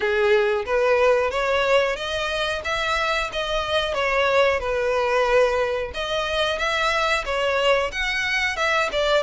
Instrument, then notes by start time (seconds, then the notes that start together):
violin
0.00 G#4
0.65 B4
1.30 C#5
1.96 D#5
2.64 E5
3.32 D#5
3.94 C#5
4.59 B4
5.93 D#5
6.58 E5
7.25 C#5
7.91 F#5
8.56 E5
8.92 D5